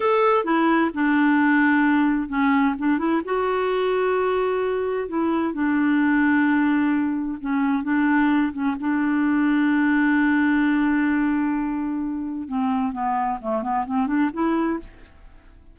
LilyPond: \new Staff \with { instrumentName = "clarinet" } { \time 4/4 \tempo 4 = 130 a'4 e'4 d'2~ | d'4 cis'4 d'8 e'8 fis'4~ | fis'2. e'4 | d'1 |
cis'4 d'4. cis'8 d'4~ | d'1~ | d'2. c'4 | b4 a8 b8 c'8 d'8 e'4 | }